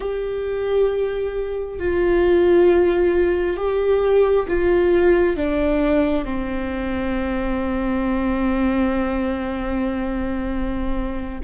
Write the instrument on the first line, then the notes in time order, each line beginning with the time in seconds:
viola
0.00 G4
1.79 F4
3.57 G4
4.48 F4
5.36 D4
6.24 C4